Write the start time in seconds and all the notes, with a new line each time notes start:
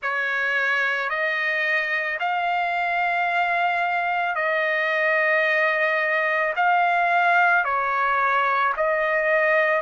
0.02 C#5
1.09 D#5
2.19 F5
4.35 D#5
6.56 F5
7.64 C#5
8.76 D#5